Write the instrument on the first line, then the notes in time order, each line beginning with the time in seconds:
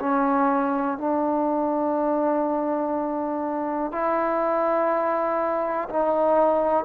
trombone
0.00 C#4
0.98 D4
3.92 E4
5.90 D#4